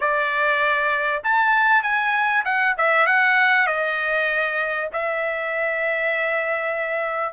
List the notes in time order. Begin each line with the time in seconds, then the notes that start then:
0.00 D5
1.23 A5
1.82 G#5
2.44 F#5
2.77 E5
3.06 F#5
3.66 D#5
4.92 E5